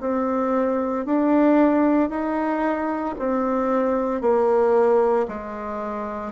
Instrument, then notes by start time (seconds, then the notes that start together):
bassoon
0.00 C4
1.06 D4
2.10 D#4
3.19 C4
4.21 A#3
5.28 G#3